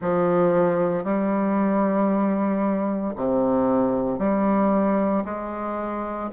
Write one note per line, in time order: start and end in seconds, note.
0.01 1.03 F3
1.03 3.14 G3
3.16 4.18 C3
4.18 5.23 G3
5.24 6.30 G#3